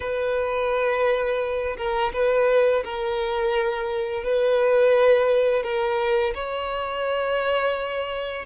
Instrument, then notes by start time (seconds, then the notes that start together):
violin
0.00 B4
1.77 A#4
2.13 B4
2.84 A#4
4.24 B4
5.63 A#4
6.34 C#5